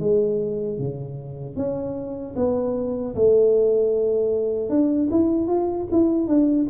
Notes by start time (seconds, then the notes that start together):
0.00 G#3
0.79 C#3
1.56 C#4
2.36 B3
3.15 A3
4.70 D4
5.11 E4
5.48 F4
5.92 E4
6.28 D4